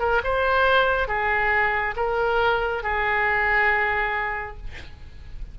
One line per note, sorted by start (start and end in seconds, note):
0.00 0.22 A#4
0.25 1.08 C5
1.08 1.95 G#4
1.97 2.84 A#4
2.84 4.58 G#4